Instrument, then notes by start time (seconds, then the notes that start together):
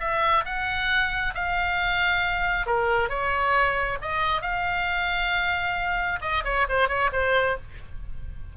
oboe
0.00 E5
0.45 F#5
1.35 F5
2.66 A#4
3.09 C#5
4.02 D#5
4.42 F5
6.21 D#5
6.45 C#5
6.69 C5
6.88 C#5
7.12 C5